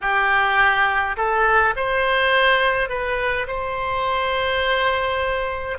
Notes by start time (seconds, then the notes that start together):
0.01 G4
1.16 A4
1.76 C5
2.88 B4
3.47 C5